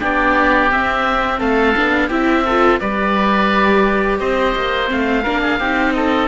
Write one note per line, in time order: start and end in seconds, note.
0.00 0.71 B3
0.00 0.70 D4
0.00 1.39 G4
0.00 0.72 D5
0.71 1.41 C4
0.71 1.76 C4
0.71 1.41 E5
1.39 1.76 A3
1.39 2.08 A4
1.39 2.10 F5
1.76 2.10 B3
1.76 2.10 D4
2.08 2.80 C4
2.08 2.45 E4
2.08 2.43 G4
2.08 2.80 E5
2.45 2.81 F4
2.45 2.80 A4
2.80 4.20 G3
2.80 4.87 G4
2.80 4.20 B4
2.80 4.20 D5
4.20 4.55 C4
4.20 5.23 C5
4.20 4.89 D#5
4.56 4.91 A#3
4.87 5.26 A3
4.87 5.22 C4
4.87 5.93 F5
5.23 5.60 A#3
5.23 5.61 D4
5.23 5.41 A#4
5.42 5.59 G#4
5.59 6.28 C4
5.59 6.28 D#4
5.59 5.94 G4
5.93 6.28 A4
5.93 6.28 D#5